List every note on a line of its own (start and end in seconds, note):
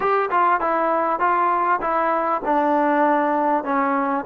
0.00 0.29 G4
0.31 0.60 F4
0.60 1.19 E4
1.19 1.80 F4
1.81 2.41 E4
2.44 3.64 D4
3.64 4.24 C#4